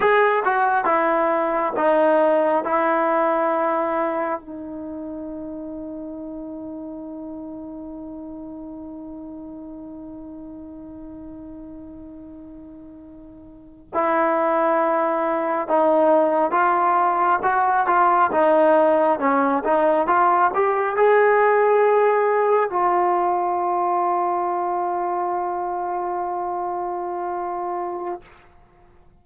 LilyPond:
\new Staff \with { instrumentName = "trombone" } { \time 4/4 \tempo 4 = 68 gis'8 fis'8 e'4 dis'4 e'4~ | e'4 dis'2.~ | dis'1~ | dis'2.~ dis'8. e'16~ |
e'4.~ e'16 dis'4 f'4 fis'16~ | fis'16 f'8 dis'4 cis'8 dis'8 f'8 g'8 gis'16~ | gis'4.~ gis'16 f'2~ f'16~ | f'1 | }